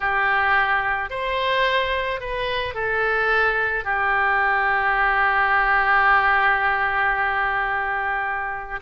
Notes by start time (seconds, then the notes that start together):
0.00 G4
1.10 C5
2.20 B4
2.74 A4
3.84 G4